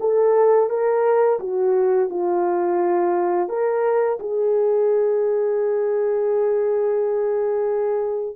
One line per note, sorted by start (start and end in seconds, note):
0.00 0.69 A4
0.69 1.39 A#4
1.40 2.10 F#4
2.10 3.49 F4
3.49 4.18 A#4
4.20 8.36 G#4